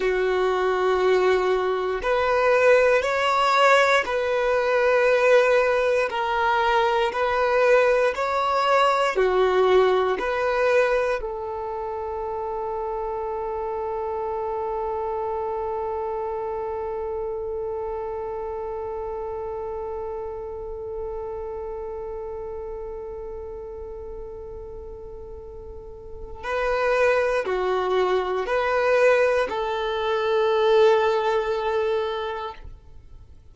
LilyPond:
\new Staff \with { instrumentName = "violin" } { \time 4/4 \tempo 4 = 59 fis'2 b'4 cis''4 | b'2 ais'4 b'4 | cis''4 fis'4 b'4 a'4~ | a'1~ |
a'1~ | a'1~ | a'2 b'4 fis'4 | b'4 a'2. | }